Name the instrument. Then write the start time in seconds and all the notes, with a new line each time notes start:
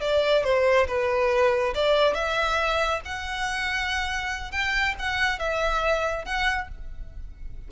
violin
0.00 D5
0.43 C5
0.87 B4
1.74 D5
2.14 E5
3.05 F#5
4.51 G5
4.98 F#5
5.39 E5
6.25 F#5